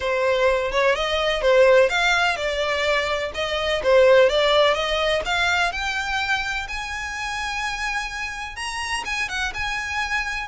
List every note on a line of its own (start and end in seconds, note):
0.00 0.71 C5
0.71 0.95 C#5
0.95 1.41 D#5
1.41 1.89 C5
1.89 2.36 F5
2.36 3.31 D5
3.34 3.82 D#5
3.83 4.29 C5
4.29 4.73 D5
4.73 5.21 D#5
5.25 5.71 F5
5.71 6.67 G5
6.68 8.55 G#5
8.55 9.03 A#5
9.05 9.29 G#5
9.29 9.52 F#5
9.54 10.48 G#5